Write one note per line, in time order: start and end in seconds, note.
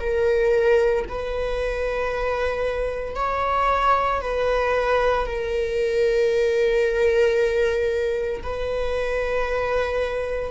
0.00 1.05 A#4
1.09 3.16 B4
3.16 4.21 C#5
4.21 5.26 B4
5.26 8.42 A#4
8.43 10.51 B4